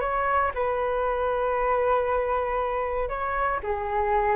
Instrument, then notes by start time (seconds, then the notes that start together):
flute
0.00 C#5
0.54 B4
3.08 C#5
3.63 G#4